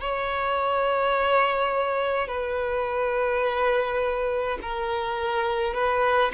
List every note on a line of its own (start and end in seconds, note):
0.00 2.28 C#5
2.28 4.58 B4
4.62 5.74 A#4
5.74 6.31 B4